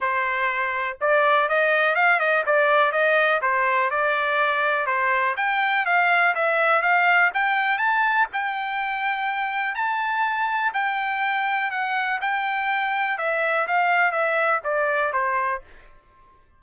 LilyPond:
\new Staff \with { instrumentName = "trumpet" } { \time 4/4 \tempo 4 = 123 c''2 d''4 dis''4 | f''8 dis''8 d''4 dis''4 c''4 | d''2 c''4 g''4 | f''4 e''4 f''4 g''4 |
a''4 g''2. | a''2 g''2 | fis''4 g''2 e''4 | f''4 e''4 d''4 c''4 | }